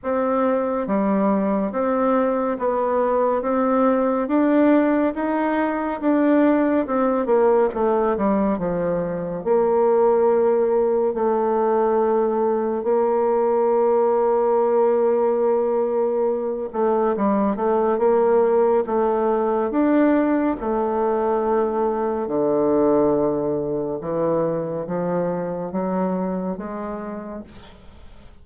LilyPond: \new Staff \with { instrumentName = "bassoon" } { \time 4/4 \tempo 4 = 70 c'4 g4 c'4 b4 | c'4 d'4 dis'4 d'4 | c'8 ais8 a8 g8 f4 ais4~ | ais4 a2 ais4~ |
ais2.~ ais8 a8 | g8 a8 ais4 a4 d'4 | a2 d2 | e4 f4 fis4 gis4 | }